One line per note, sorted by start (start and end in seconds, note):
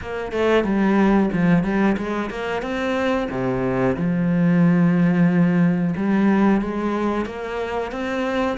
0.01 0.31 A#3
0.31 0.64 A3
0.64 1.29 G3
1.32 1.63 F3
1.63 1.96 G3
1.97 2.30 G#3
2.30 2.62 A#3
2.62 3.28 C4
3.30 3.96 C3
3.96 5.94 F3
5.96 6.61 G3
6.61 7.25 G#3
7.25 7.91 A#3
7.91 8.57 C4